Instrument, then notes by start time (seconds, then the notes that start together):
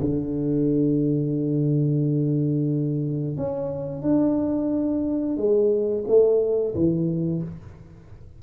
tuba
0.00 D3
3.37 C#4
4.03 D4
5.37 G#3
6.08 A3
6.75 E3